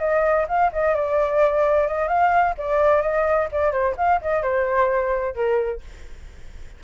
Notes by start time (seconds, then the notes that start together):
0.00 D#5
0.49 F5
0.73 D#5
0.95 D5
1.88 D#5
2.08 F5
2.58 D5
3.02 D#5
3.52 D5
3.73 C5
3.98 F5
4.22 D#5
4.43 C5
5.35 A#4